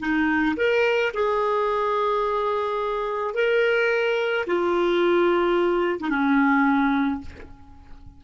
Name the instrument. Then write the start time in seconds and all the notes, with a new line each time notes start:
clarinet
0.00 D#4
0.57 A#4
1.14 G#4
3.34 A#4
4.47 F4
6.00 D#4
6.10 C#4